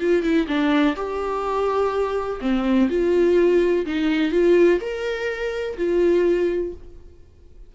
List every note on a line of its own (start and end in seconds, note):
0.00 0.23 F4
0.23 0.47 E4
0.48 0.96 D4
0.96 2.40 G4
2.41 2.89 C4
2.90 3.86 F4
3.86 4.32 D#4
4.32 4.80 F4
4.81 5.77 A#4
5.77 6.73 F4